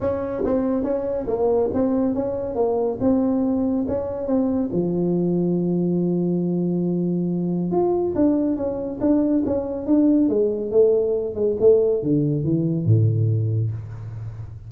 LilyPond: \new Staff \with { instrumentName = "tuba" } { \time 4/4 \tempo 4 = 140 cis'4 c'4 cis'4 ais4 | c'4 cis'4 ais4 c'4~ | c'4 cis'4 c'4 f4~ | f1~ |
f2 f'4 d'4 | cis'4 d'4 cis'4 d'4 | gis4 a4. gis8 a4 | d4 e4 a,2 | }